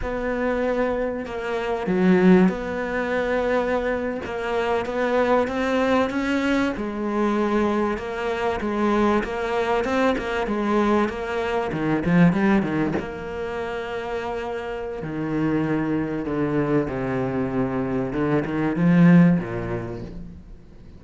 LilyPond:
\new Staff \with { instrumentName = "cello" } { \time 4/4 \tempo 4 = 96 b2 ais4 fis4 | b2~ b8. ais4 b16~ | b8. c'4 cis'4 gis4~ gis16~ | gis8. ais4 gis4 ais4 c'16~ |
c'16 ais8 gis4 ais4 dis8 f8 g16~ | g16 dis8 ais2.~ ais16 | dis2 d4 c4~ | c4 d8 dis8 f4 ais,4 | }